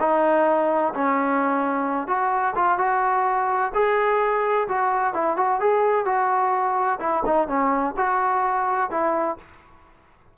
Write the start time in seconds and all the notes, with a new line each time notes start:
0.00 D#4
0.94 C#4
2.08 F#4
2.55 F4
2.78 F#4
3.74 G#4
4.68 F#4
5.14 E4
5.37 F#4
5.60 G#4
6.06 F#4
7.00 E4
7.25 D#4
7.48 C#4
7.97 F#4
8.91 E4